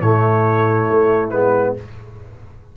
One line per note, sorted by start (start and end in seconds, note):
0.00 0.88 A2
0.00 1.32 A3
0.00 1.75 E4
0.00 1.30 C#5
0.89 1.31 A3
1.30 1.75 G#3
1.30 1.76 B3
1.30 1.73 B4